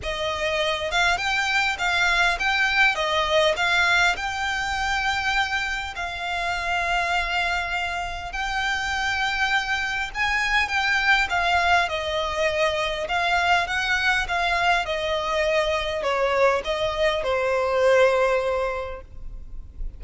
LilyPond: \new Staff \with { instrumentName = "violin" } { \time 4/4 \tempo 4 = 101 dis''4. f''8 g''4 f''4 | g''4 dis''4 f''4 g''4~ | g''2 f''2~ | f''2 g''2~ |
g''4 gis''4 g''4 f''4 | dis''2 f''4 fis''4 | f''4 dis''2 cis''4 | dis''4 c''2. | }